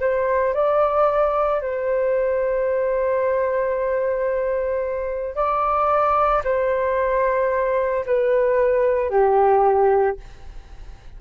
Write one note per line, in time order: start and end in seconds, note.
0.00 0.54 C5
0.54 1.61 D5
1.61 5.35 C5
5.35 6.42 D5
6.44 8.05 C5
8.06 9.10 B4
9.10 10.17 G4